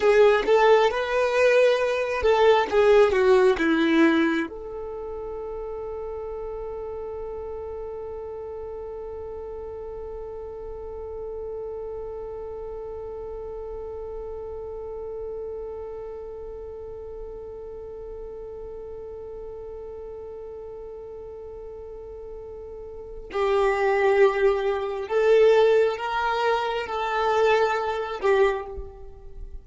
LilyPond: \new Staff \with { instrumentName = "violin" } { \time 4/4 \tempo 4 = 67 gis'8 a'8 b'4. a'8 gis'8 fis'8 | e'4 a'2.~ | a'1~ | a'1~ |
a'1~ | a'1~ | a'2 g'2 | a'4 ais'4 a'4. g'8 | }